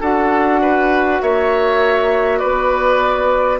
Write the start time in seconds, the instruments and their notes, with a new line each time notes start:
0.00 bassoon D4, clarinet F#4, oboe A4, flute F#5
0.61 oboe B4
1.21 bassoon A#3, oboe C#5, flute E5
2.39 bassoon B3, oboe B4, flute D5